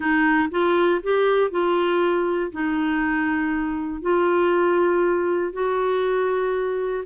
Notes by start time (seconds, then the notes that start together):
0.00 D#4
0.50 F4
1.02 G4
1.50 F4
2.52 D#4
4.01 F4
5.52 F#4